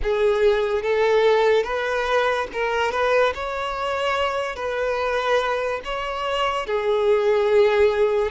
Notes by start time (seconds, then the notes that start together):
0.02 G#4
0.82 A4
1.63 B4
2.52 A#4
2.91 B4
3.34 C#5
4.55 B4
5.84 C#5
6.66 G#4